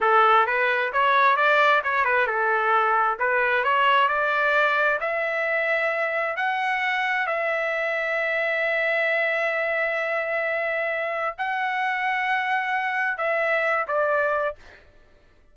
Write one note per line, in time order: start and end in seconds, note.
0.00 0.46 A4
0.46 0.92 B4
0.92 1.36 C#5
1.36 1.82 D5
1.83 2.05 C#5
2.05 2.26 B4
2.26 3.17 A4
3.19 3.63 B4
3.63 4.08 C#5
4.08 4.99 D5
5.00 6.36 E5
6.36 7.26 F#5
7.26 11.35 E5
11.38 13.17 F#5
13.17 13.85 E5
13.87 14.55 D5